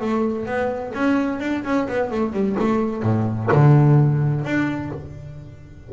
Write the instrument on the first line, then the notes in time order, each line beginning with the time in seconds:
double bass
0.00 A3
0.45 B3
0.94 C#4
1.40 D4
1.64 C#4
1.88 B3
2.10 A3
2.32 G3
2.59 A3
3.02 A2
3.52 D3
4.44 D4